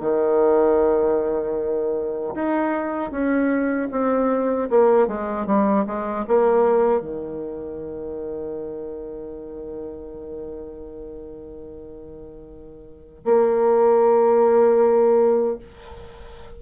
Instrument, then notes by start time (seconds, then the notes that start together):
bassoon
0.00 D#3
2.34 D#4
3.11 C#4
3.91 C4
4.70 A#3
5.08 G#3
5.46 G3
5.86 G#3
6.27 A#3
7.00 D#3
13.24 A#3